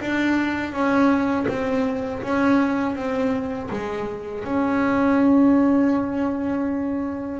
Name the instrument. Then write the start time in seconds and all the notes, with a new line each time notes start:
double bass
0.00 D4
0.72 C#4
1.47 C4
2.22 C#4
2.95 C4
3.70 G#3
4.44 C#4